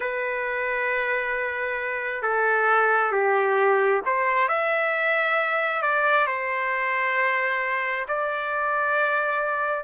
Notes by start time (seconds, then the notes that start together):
0.00 B4
2.22 A4
3.12 G4
4.05 C5
4.48 E5
5.82 D5
6.26 C5
8.08 D5